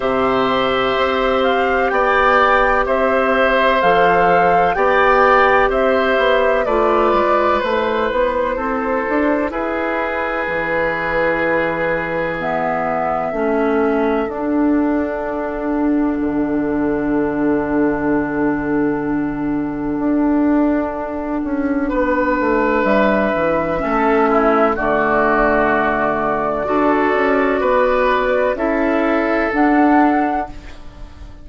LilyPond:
<<
  \new Staff \with { instrumentName = "flute" } { \time 4/4 \tempo 4 = 63 e''4. f''8 g''4 e''4 | f''4 g''4 e''4 d''4 | c''2 b'2~ | b'4 e''2 fis''4~ |
fis''1~ | fis''1 | e''2 d''2~ | d''2 e''4 fis''4 | }
  \new Staff \with { instrumentName = "oboe" } { \time 4/4 c''2 d''4 c''4~ | c''4 d''4 c''4 b'4~ | b'4 a'4 gis'2~ | gis'2 a'2~ |
a'1~ | a'2. b'4~ | b'4 a'8 e'8 fis'2 | a'4 b'4 a'2 | }
  \new Staff \with { instrumentName = "clarinet" } { \time 4/4 g'1 | a'4 g'2 f'4 | e'1~ | e'4 b4 cis'4 d'4~ |
d'1~ | d'1~ | d'4 cis'4 a2 | fis'2 e'4 d'4 | }
  \new Staff \with { instrumentName = "bassoon" } { \time 4/4 c4 c'4 b4 c'4 | f4 b4 c'8 b8 a8 gis8 | a8 b8 c'8 d'8 e'4 e4~ | e2 a4 d'4~ |
d'4 d2.~ | d4 d'4. cis'8 b8 a8 | g8 e8 a4 d2 | d'8 cis'8 b4 cis'4 d'4 | }
>>